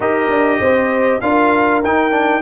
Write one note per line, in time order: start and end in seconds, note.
0.00 0.28 D#4
0.00 1.21 G4
0.00 0.59 A#4
0.00 1.20 D#5
0.29 0.60 D4
0.60 1.21 C4
0.60 1.22 C5
1.20 1.82 D4
1.20 1.83 F4
1.20 2.41 A#4
1.20 1.81 F5
1.83 2.41 D#4
1.83 2.10 D#4
1.83 2.41 G5
2.10 2.41 D4